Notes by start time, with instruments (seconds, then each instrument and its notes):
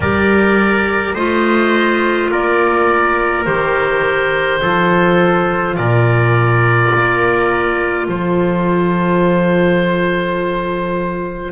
0.00 double bass G3, clarinet G4, trumpet A#4, oboe D5
1.14 double bass A3, clarinet F4, trumpet C5, oboe D#5
2.31 double bass A#3, trumpet A#4, oboe D5
3.45 double bass D#3, clarinet G4, oboe C5
4.62 double bass F3, clarinet F4, trumpet A4
5.76 double bass A#2, trumpet A#4, oboe D5
6.94 double bass A#3
8.07 double bass F3, trumpet A4, oboe C5